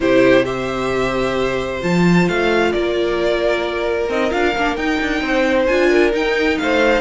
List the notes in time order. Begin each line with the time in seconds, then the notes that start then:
0.00 C3 E4 G4 C5
0.44 G4 C5 E5
1.80 F3 F4 A5
2.28 A3 F5
2.71 A#3 A#4 D5
4.08 C4 D#4 D#5
4.30 D4 F4 F5
4.56 A#3 D4
4.76 D#4 G5
5.01 D4
5.21 C4 C5
5.66 D4 F4 G#5
5.89 A#4
6.11 D#4 G5
6.57 A3 C5 F5